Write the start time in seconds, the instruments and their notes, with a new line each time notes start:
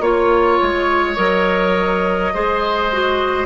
0.00 bassoon A#3, clarinet F4, flute C#5, oboe C#5
0.62 bassoon G#3
1.16 bassoon F#3, clarinet A#4, flute D#5
2.34 bassoon G#3, clarinet G#4, oboe C5
2.92 clarinet F#4